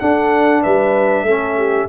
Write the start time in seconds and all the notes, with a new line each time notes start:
0.00 D4 A4 F#5
0.62 G3 B4 E5
1.23 A3 C#4 A4
1.57 G4